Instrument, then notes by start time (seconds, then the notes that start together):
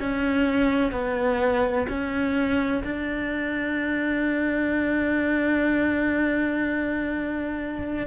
cello
0.00 C#4
0.92 B3
1.88 C#4
2.84 D4